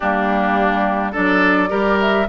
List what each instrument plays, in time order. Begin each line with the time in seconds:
0.00 bassoon G3, clarinet A#3, oboe D4, flute G4
1.12 bassoon F#3, clarinet D4, oboe A4, flute D5
1.68 bassoon G3, clarinet G4, oboe A#4
2.00 flute E5